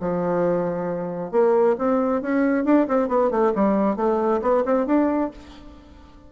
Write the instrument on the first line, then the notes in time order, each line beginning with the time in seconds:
bassoon
0.00 F3
1.31 A#3
1.78 C4
2.22 C#4
2.65 D4
2.88 C4
3.08 B3
3.30 A3
3.55 G3
3.96 A3
4.41 B3
4.65 C4
4.86 D4